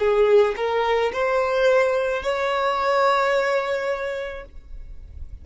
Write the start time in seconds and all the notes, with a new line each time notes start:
0.00 G#4
0.57 A#4
1.13 C5
2.23 C#5